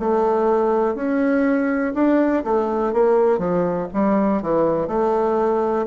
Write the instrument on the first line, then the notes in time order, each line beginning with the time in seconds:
bassoon
0.00 A3
0.95 C#4
1.94 D4
2.44 A3
2.93 A#3
3.38 F3
3.93 G3
4.42 E3
4.87 A3